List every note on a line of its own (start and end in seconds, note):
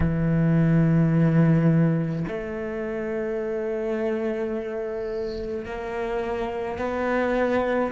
0.00 2.25 E3
2.27 5.64 A3
5.64 6.78 A#3
6.78 7.91 B3